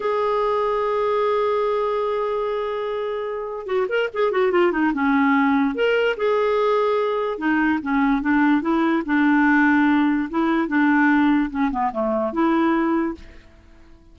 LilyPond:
\new Staff \with { instrumentName = "clarinet" } { \time 4/4 \tempo 4 = 146 gis'1~ | gis'1~ | gis'4 fis'8 ais'8 gis'8 fis'8 f'8 dis'8 | cis'2 ais'4 gis'4~ |
gis'2 dis'4 cis'4 | d'4 e'4 d'2~ | d'4 e'4 d'2 | cis'8 b8 a4 e'2 | }